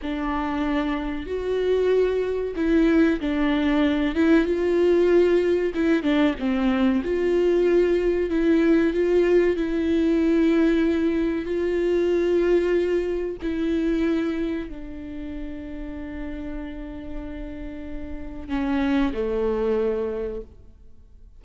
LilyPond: \new Staff \with { instrumentName = "viola" } { \time 4/4 \tempo 4 = 94 d'2 fis'2 | e'4 d'4. e'8 f'4~ | f'4 e'8 d'8 c'4 f'4~ | f'4 e'4 f'4 e'4~ |
e'2 f'2~ | f'4 e'2 d'4~ | d'1~ | d'4 cis'4 a2 | }